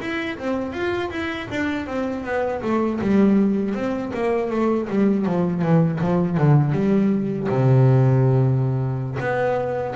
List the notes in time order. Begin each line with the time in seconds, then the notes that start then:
0.00 E4
0.38 C4
0.72 F4
1.10 E4
1.50 D4
1.86 C4
2.24 B3
2.62 A3
3.01 G3
3.74 C4
4.14 A#3
4.50 A3
4.89 G3
5.25 F3
5.61 E3
6.00 F3
6.37 D3
6.72 G3
7.49 C3
9.20 B3